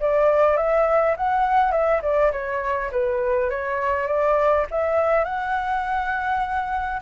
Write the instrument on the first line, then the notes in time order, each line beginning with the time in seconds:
flute
0.00 D5
0.57 E5
1.17 F#5
1.72 E5
2.02 D5
2.32 C#5
2.92 B4
3.50 C#5
4.07 D5
4.71 E5
5.25 F#5